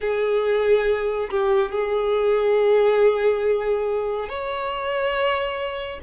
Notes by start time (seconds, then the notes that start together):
0.00 G#4
1.30 G4
1.71 G#4
4.28 C#5